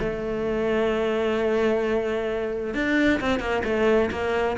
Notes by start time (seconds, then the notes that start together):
0.00 A3
2.74 D4
3.21 C4
3.40 A#3
3.64 A3
4.11 A#3